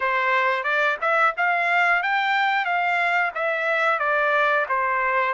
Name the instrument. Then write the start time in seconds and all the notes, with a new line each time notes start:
trumpet
0.00 C5
0.63 D5
1.01 E5
1.37 F5
2.02 G5
2.65 F5
3.35 E5
3.99 D5
4.68 C5